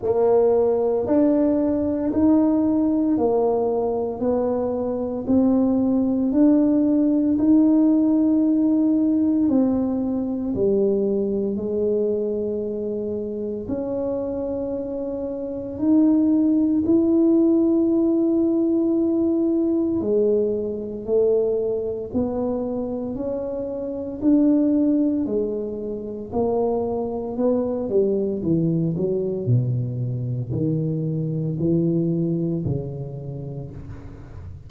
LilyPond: \new Staff \with { instrumentName = "tuba" } { \time 4/4 \tempo 4 = 57 ais4 d'4 dis'4 ais4 | b4 c'4 d'4 dis'4~ | dis'4 c'4 g4 gis4~ | gis4 cis'2 dis'4 |
e'2. gis4 | a4 b4 cis'4 d'4 | gis4 ais4 b8 g8 e8 fis8 | b,4 dis4 e4 cis4 | }